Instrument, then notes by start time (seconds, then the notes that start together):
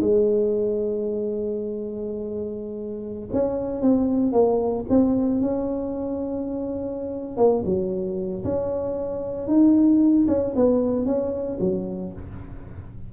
tuba
0.00 G#3
3.32 C#4
3.81 C4
4.32 A#3
4.89 C4
5.41 C#4
7.36 A#3
7.65 F#3
8.44 C#4
9.47 D#4
10.28 C#4
10.55 B3
11.05 C#4
11.60 F#3